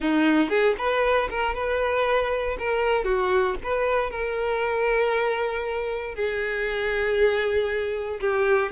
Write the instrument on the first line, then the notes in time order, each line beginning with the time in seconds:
violin
0.00 D#4
0.49 G#4
0.78 B4
1.30 A#4
1.54 B4
2.58 A#4
3.04 F#4
3.63 B4
4.10 A#4
6.14 G#4
8.20 G4